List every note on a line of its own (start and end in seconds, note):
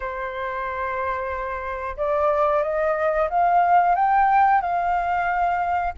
0.00 1.96 C5
1.96 2.62 D5
2.62 3.28 D#5
3.29 3.95 F5
3.95 4.61 G5
4.61 5.93 F5